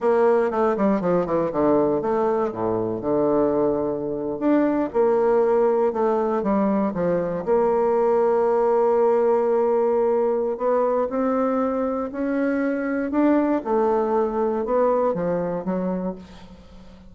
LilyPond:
\new Staff \with { instrumentName = "bassoon" } { \time 4/4 \tempo 4 = 119 ais4 a8 g8 f8 e8 d4 | a4 a,4 d2~ | d8. d'4 ais2 a16~ | a8. g4 f4 ais4~ ais16~ |
ais1~ | ais4 b4 c'2 | cis'2 d'4 a4~ | a4 b4 f4 fis4 | }